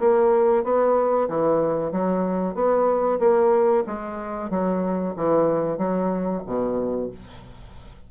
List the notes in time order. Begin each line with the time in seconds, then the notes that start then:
0.00 A#3
0.64 B3
1.29 E3
1.92 F#3
2.55 B3
3.20 A#3
3.87 G#3
4.50 F#3
5.16 E3
5.78 F#3
6.46 B2